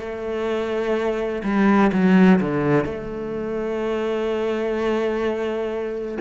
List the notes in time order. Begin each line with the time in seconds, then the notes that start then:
0.00 A3
1.44 G3
1.93 F#3
2.41 D3
2.85 A3